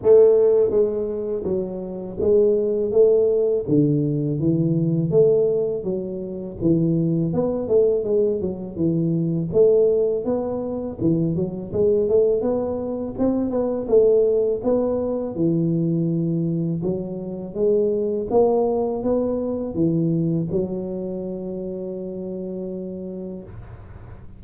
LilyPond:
\new Staff \with { instrumentName = "tuba" } { \time 4/4 \tempo 4 = 82 a4 gis4 fis4 gis4 | a4 d4 e4 a4 | fis4 e4 b8 a8 gis8 fis8 | e4 a4 b4 e8 fis8 |
gis8 a8 b4 c'8 b8 a4 | b4 e2 fis4 | gis4 ais4 b4 e4 | fis1 | }